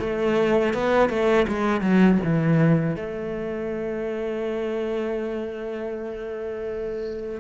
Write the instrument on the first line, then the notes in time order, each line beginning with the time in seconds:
cello
0.00 A3
0.74 B3
1.09 A3
1.48 G#3
1.81 F#3
2.25 E3
2.96 A3